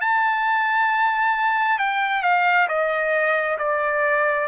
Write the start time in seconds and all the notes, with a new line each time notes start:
0.00 A5
1.78 G5
2.22 F5
2.68 D#5
3.58 D5